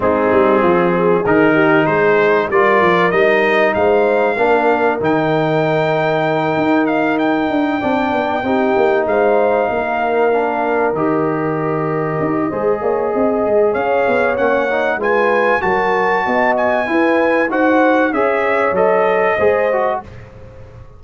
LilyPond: <<
  \new Staff \with { instrumentName = "trumpet" } { \time 4/4 \tempo 4 = 96 gis'2 ais'4 c''4 | d''4 dis''4 f''2 | g''2. f''8 g''8~ | g''2~ g''8 f''4.~ |
f''4. dis''2~ dis''8~ | dis''2 f''4 fis''4 | gis''4 a''4. gis''4. | fis''4 e''4 dis''2 | }
  \new Staff \with { instrumentName = "horn" } { \time 4/4 dis'4 f'8 gis'4 g'8 gis'4 | ais'2 c''4 ais'4~ | ais'1~ | ais'8 d''4 g'4 c''4 ais'8~ |
ais'1 | c''8 cis''8 dis''4 cis''2 | b'4 ais'4 dis''4 b'4 | c''4 cis''2 c''4 | }
  \new Staff \with { instrumentName = "trombone" } { \time 4/4 c'2 dis'2 | f'4 dis'2 d'4 | dis'1~ | dis'8 d'4 dis'2~ dis'8~ |
dis'8 d'4 g'2~ g'8 | gis'2. cis'8 dis'8 | f'4 fis'2 e'4 | fis'4 gis'4 a'4 gis'8 fis'8 | }
  \new Staff \with { instrumentName = "tuba" } { \time 4/4 gis8 g8 f4 dis4 gis4 | g8 f8 g4 gis4 ais4 | dis2~ dis8 dis'4. | d'8 c'8 b8 c'8 ais8 gis4 ais8~ |
ais4. dis2 dis'8 | gis8 ais8 c'8 gis8 cis'8 b8 ais4 | gis4 fis4 b4 e'4 | dis'4 cis'4 fis4 gis4 | }
>>